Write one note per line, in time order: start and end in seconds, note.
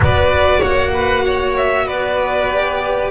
0.00 0.60 B3
0.00 2.50 F#4
0.00 0.59 B4
0.00 0.62 D5
0.59 1.86 A#3
0.59 0.90 C#5
0.59 1.56 F#5
0.93 1.24 B4
1.25 1.86 C#5
1.57 1.87 E5
1.86 3.10 B3
1.86 3.10 B4
1.86 3.10 D5
2.50 3.10 G4